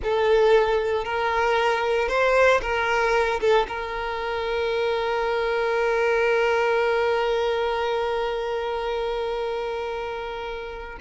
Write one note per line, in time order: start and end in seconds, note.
0.03 1.04 A4
1.04 2.08 A#4
2.08 2.60 C5
2.61 3.39 A#4
3.40 3.66 A4
3.68 10.98 A#4